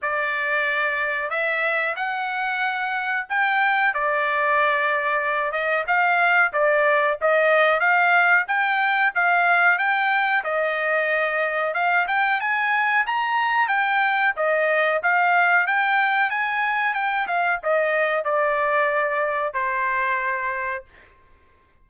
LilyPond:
\new Staff \with { instrumentName = "trumpet" } { \time 4/4 \tempo 4 = 92 d''2 e''4 fis''4~ | fis''4 g''4 d''2~ | d''8 dis''8 f''4 d''4 dis''4 | f''4 g''4 f''4 g''4 |
dis''2 f''8 g''8 gis''4 | ais''4 g''4 dis''4 f''4 | g''4 gis''4 g''8 f''8 dis''4 | d''2 c''2 | }